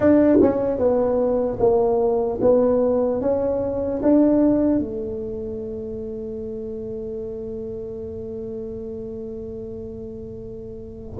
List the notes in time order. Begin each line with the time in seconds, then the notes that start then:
0.00 D4
0.41 C#4
0.78 B3
1.59 A#3
2.41 B3
3.21 C#4
4.02 D4
4.79 A3